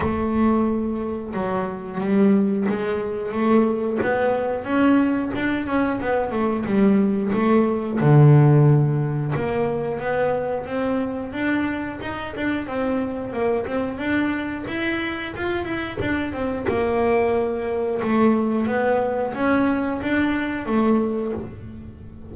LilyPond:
\new Staff \with { instrumentName = "double bass" } { \time 4/4 \tempo 4 = 90 a2 fis4 g4 | gis4 a4 b4 cis'4 | d'8 cis'8 b8 a8 g4 a4 | d2 ais4 b4 |
c'4 d'4 dis'8 d'8 c'4 | ais8 c'8 d'4 e'4 f'8 e'8 | d'8 c'8 ais2 a4 | b4 cis'4 d'4 a4 | }